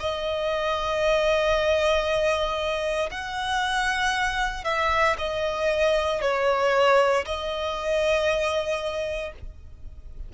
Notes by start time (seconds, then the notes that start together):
0.00 D#5
3.11 F#5
4.65 E5
5.18 D#5
6.22 C#5
7.26 D#5